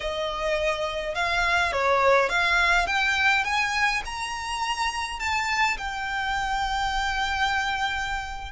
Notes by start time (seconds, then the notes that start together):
0.00 D#5
1.14 F5
1.72 C#5
2.29 F5
2.86 G5
3.44 G#5
4.05 A#5
5.19 A5
5.77 G5